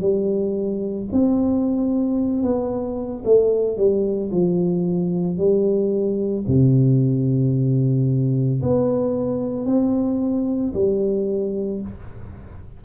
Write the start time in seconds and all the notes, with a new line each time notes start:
0.00 G3
1.12 C4
2.43 B3
3.25 A3
3.77 G3
4.31 F3
5.37 G3
6.48 C3
8.62 B3
9.66 C4
10.74 G3